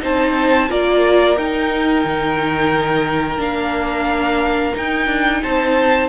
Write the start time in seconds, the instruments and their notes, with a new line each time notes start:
0.00 cello C4, viola D#4, violin C5 A5
0.69 cello A#3, viola F4, violin A#4 D5
1.37 cello D#4, viola D#4, violin G5
2.05 cello D#3
3.37 cello A#3, viola D4, violin F5
4.74 viola D#4, cello D#4, violin G5
5.07 cello D4
5.43 cello C4, violin C5 A5